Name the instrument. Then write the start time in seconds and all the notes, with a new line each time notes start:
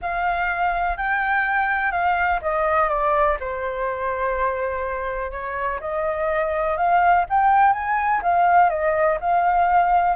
flute
0.01 F5
0.97 G5
1.91 F5
2.41 D#5
2.88 D5
3.40 C5
5.31 C#5
5.80 D#5
6.77 F5
7.29 G5
7.72 G#5
8.22 F5
8.69 D#5
9.20 F5